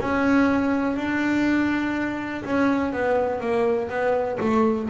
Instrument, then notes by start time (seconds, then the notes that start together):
double bass
0.00 C#4
0.96 D4
2.45 C#4
2.93 B3
3.41 A#3
3.89 B3
4.40 A3